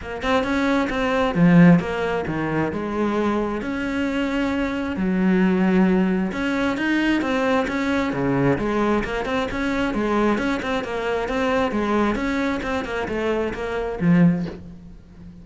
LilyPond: \new Staff \with { instrumentName = "cello" } { \time 4/4 \tempo 4 = 133 ais8 c'8 cis'4 c'4 f4 | ais4 dis4 gis2 | cis'2. fis4~ | fis2 cis'4 dis'4 |
c'4 cis'4 cis4 gis4 | ais8 c'8 cis'4 gis4 cis'8 c'8 | ais4 c'4 gis4 cis'4 | c'8 ais8 a4 ais4 f4 | }